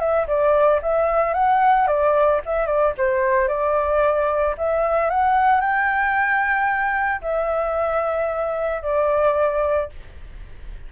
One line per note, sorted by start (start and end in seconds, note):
0.00 0.27 E5
0.28 0.81 D5
0.82 1.34 E5
1.34 1.87 F#5
1.88 2.41 D5
2.46 2.67 E5
2.67 2.94 D5
2.98 3.48 C5
3.48 4.56 D5
4.58 5.10 E5
5.10 5.61 F#5
5.61 7.22 G5
7.22 8.83 E5
8.83 9.90 D5